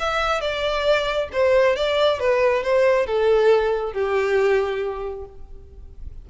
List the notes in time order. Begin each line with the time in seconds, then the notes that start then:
0.00 E5
0.41 D5
1.33 C5
1.76 D5
2.20 B4
2.64 C5
3.07 A4
3.93 G4